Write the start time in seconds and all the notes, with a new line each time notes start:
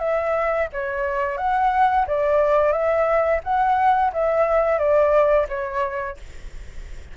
0.00 E5
0.73 C#5
1.38 F#5
2.07 D5
2.72 E5
3.44 F#5
4.13 E5
4.79 D5
5.49 C#5